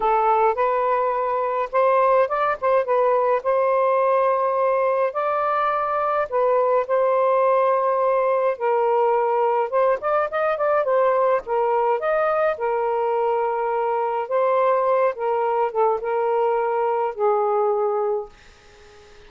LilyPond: \new Staff \with { instrumentName = "saxophone" } { \time 4/4 \tempo 4 = 105 a'4 b'2 c''4 | d''8 c''8 b'4 c''2~ | c''4 d''2 b'4 | c''2. ais'4~ |
ais'4 c''8 d''8 dis''8 d''8 c''4 | ais'4 dis''4 ais'2~ | ais'4 c''4. ais'4 a'8 | ais'2 gis'2 | }